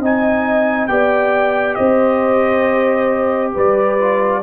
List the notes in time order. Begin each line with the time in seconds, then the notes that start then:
0.00 C4 D#4 D#5 G#5
0.88 B3 G4 D5 G5
1.75 C4 C5 D#5
3.54 G3 B4 D5
3.99 F4